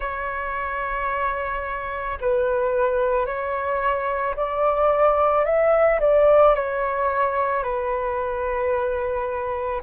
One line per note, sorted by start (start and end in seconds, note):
0.00 2.18 C#5
2.20 3.25 B4
3.25 4.34 C#5
4.35 5.44 D5
5.44 5.99 E5
6.00 6.55 D5
6.55 7.63 C#5
7.63 9.81 B4